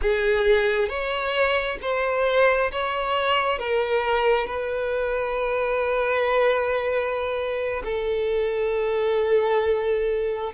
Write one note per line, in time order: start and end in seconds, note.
0.01 0.88 G#4
0.88 1.78 C#5
1.81 2.71 C5
2.71 3.58 C#5
3.58 4.47 A#4
4.47 7.82 B4
7.84 10.53 A4